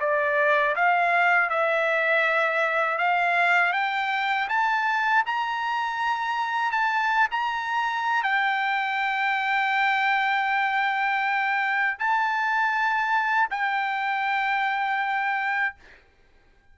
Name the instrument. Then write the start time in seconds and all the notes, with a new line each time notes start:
trumpet
0.00 D5
0.75 F5
1.49 E5
2.98 F5
3.73 G5
4.49 A5
5.26 A#5
6.72 A5
7.31 A#5
8.23 G5
11.99 A5
13.50 G5